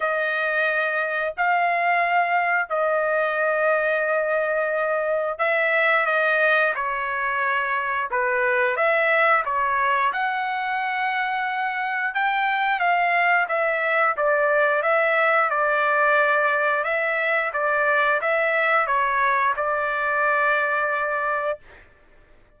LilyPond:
\new Staff \with { instrumentName = "trumpet" } { \time 4/4 \tempo 4 = 89 dis''2 f''2 | dis''1 | e''4 dis''4 cis''2 | b'4 e''4 cis''4 fis''4~ |
fis''2 g''4 f''4 | e''4 d''4 e''4 d''4~ | d''4 e''4 d''4 e''4 | cis''4 d''2. | }